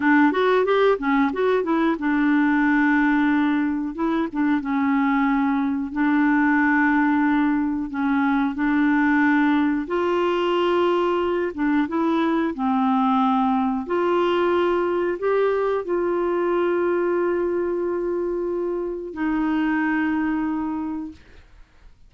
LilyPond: \new Staff \with { instrumentName = "clarinet" } { \time 4/4 \tempo 4 = 91 d'8 fis'8 g'8 cis'8 fis'8 e'8 d'4~ | d'2 e'8 d'8 cis'4~ | cis'4 d'2. | cis'4 d'2 f'4~ |
f'4. d'8 e'4 c'4~ | c'4 f'2 g'4 | f'1~ | f'4 dis'2. | }